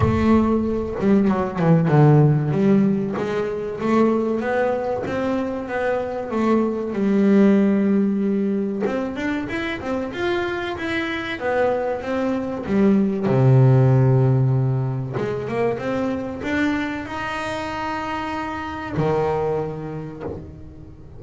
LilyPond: \new Staff \with { instrumentName = "double bass" } { \time 4/4 \tempo 4 = 95 a4. g8 fis8 e8 d4 | g4 gis4 a4 b4 | c'4 b4 a4 g4~ | g2 c'8 d'8 e'8 c'8 |
f'4 e'4 b4 c'4 | g4 c2. | gis8 ais8 c'4 d'4 dis'4~ | dis'2 dis2 | }